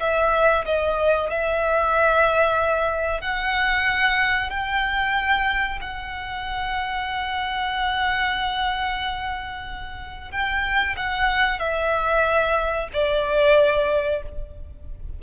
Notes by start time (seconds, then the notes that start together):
0.00 E5
0.65 D#5
1.30 E5
3.21 F#5
4.50 G5
5.81 F#5
10.31 G5
10.96 F#5
11.59 E5
12.93 D5